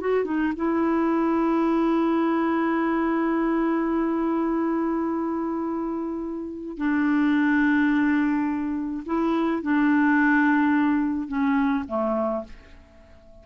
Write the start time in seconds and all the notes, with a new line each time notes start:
0.00 F#4
0.24 D#4
0.56 E4
6.77 D4
9.05 E4
9.62 D4
11.27 C#4
11.88 A3